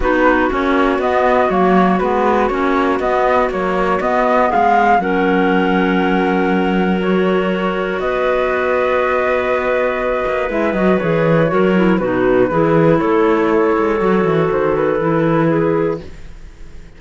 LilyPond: <<
  \new Staff \with { instrumentName = "flute" } { \time 4/4 \tempo 4 = 120 b'4 cis''4 dis''4 cis''4 | b'4 cis''4 dis''4 cis''4 | dis''4 f''4 fis''2~ | fis''2 cis''2 |
dis''1~ | dis''4 e''8 dis''8 cis''2 | b'2 cis''2~ | cis''4 c''8 b'2~ b'8 | }
  \new Staff \with { instrumentName = "clarinet" } { \time 4/4 fis'1~ | fis'1~ | fis'4 gis'4 ais'2~ | ais'1 |
b'1~ | b'2. ais'4 | fis'4 gis'4 a'2~ | a'2. gis'4 | }
  \new Staff \with { instrumentName = "clarinet" } { \time 4/4 dis'4 cis'4 b4 ais4 | b4 cis'4 b4 fis4 | b2 cis'2~ | cis'2 fis'2~ |
fis'1~ | fis'4 e'8 fis'8 gis'4 fis'8 e'8 | dis'4 e'2. | fis'2 e'2 | }
  \new Staff \with { instrumentName = "cello" } { \time 4/4 b4 ais4 b4 fis4 | gis4 ais4 b4 ais4 | b4 gis4 fis2~ | fis1 |
b1~ | b8 ais8 gis8 fis8 e4 fis4 | b,4 e4 a4. gis8 | fis8 e8 dis4 e2 | }
>>